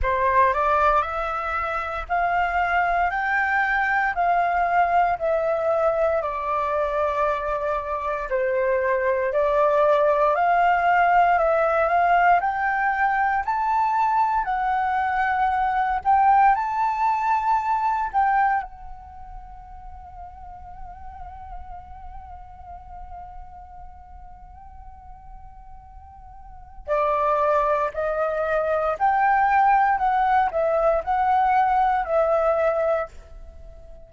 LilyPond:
\new Staff \with { instrumentName = "flute" } { \time 4/4 \tempo 4 = 58 c''8 d''8 e''4 f''4 g''4 | f''4 e''4 d''2 | c''4 d''4 f''4 e''8 f''8 | g''4 a''4 fis''4. g''8 |
a''4. g''8 fis''2~ | fis''1~ | fis''2 d''4 dis''4 | g''4 fis''8 e''8 fis''4 e''4 | }